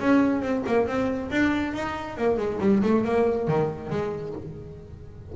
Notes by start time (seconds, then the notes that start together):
0.00 C#4
0.41 C4
0.66 A#3
0.87 C4
1.30 D4
1.74 D#4
2.17 A#3
2.37 G#3
2.60 G3
2.82 A3
3.04 A#3
3.47 D#3
3.90 G#3